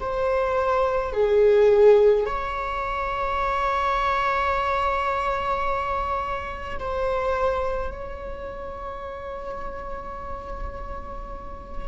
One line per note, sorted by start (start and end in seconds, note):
0.00 1.13 C5
1.13 2.26 G#4
2.26 6.79 C#5
6.79 7.92 C5
7.92 11.88 C#5